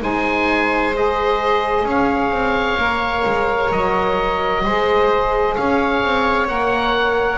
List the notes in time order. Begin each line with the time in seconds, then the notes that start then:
0.00 G#3 D#4 C5 G#5
0.94 G#4 D#5
1.84 C#4 C#5 F5
2.30 C4
2.77 A#3 A#4
3.25 G#3
3.71 F#3 D#5
4.64 G#3 G#4 C5
5.55 C#4 C#5 F5
6.03 C4
6.47 A#3 A#4 F#5